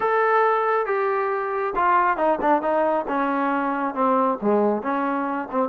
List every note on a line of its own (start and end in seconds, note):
0.00 0.86 A4
0.86 1.73 G4
1.75 2.17 F4
2.17 2.38 D#4
2.41 2.62 D4
2.62 3.05 D#4
3.08 3.94 C#4
3.94 4.38 C4
4.41 4.82 G#3
4.82 5.48 C#4
5.51 5.69 C4